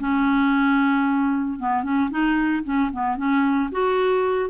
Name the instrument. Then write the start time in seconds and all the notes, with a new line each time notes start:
clarinet
0.00 C#4
1.59 B3
1.83 C#4
2.10 D#4
2.64 C#4
2.93 B3
3.17 C#4
3.72 F#4